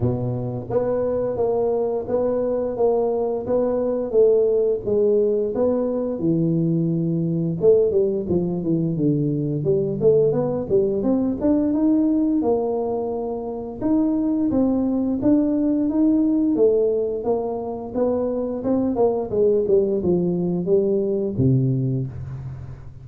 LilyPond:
\new Staff \with { instrumentName = "tuba" } { \time 4/4 \tempo 4 = 87 b,4 b4 ais4 b4 | ais4 b4 a4 gis4 | b4 e2 a8 g8 | f8 e8 d4 g8 a8 b8 g8 |
c'8 d'8 dis'4 ais2 | dis'4 c'4 d'4 dis'4 | a4 ais4 b4 c'8 ais8 | gis8 g8 f4 g4 c4 | }